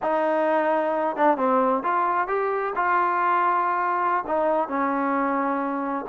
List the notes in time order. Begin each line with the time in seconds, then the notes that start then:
0.02 D#4
1.16 D4
1.37 C4
1.83 F4
2.27 G4
2.75 F4
4.27 D#4
4.68 C#4